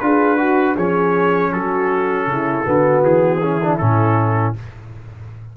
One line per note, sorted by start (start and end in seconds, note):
0.00 0.77 D4
0.00 0.38 F4
0.00 0.37 G#4
0.00 0.76 B4
0.37 0.75 F#4
0.37 0.76 F#4
0.75 1.53 F3
0.75 2.65 C#4
0.75 1.51 G#4
0.75 1.53 C#5
1.52 2.26 F#3
1.52 2.28 F#4
1.52 3.05 A4
2.26 2.64 C#3
2.26 2.67 E4
2.65 3.04 D3
2.65 3.41 B3
2.65 3.43 F#4
3.04 3.80 E3
3.04 3.78 G#4
3.42 3.61 C#4
3.42 4.56 E4
3.63 3.80 D4
3.78 4.57 A2
3.78 4.56 C#4
3.78 4.54 A4